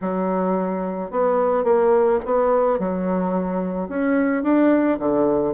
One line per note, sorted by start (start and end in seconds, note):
0.01 1.11 F#3
1.11 1.64 B3
1.64 2.19 A#3
2.25 2.79 B3
2.79 3.88 F#3
3.88 4.43 C#4
4.43 4.98 D4
4.99 5.54 D3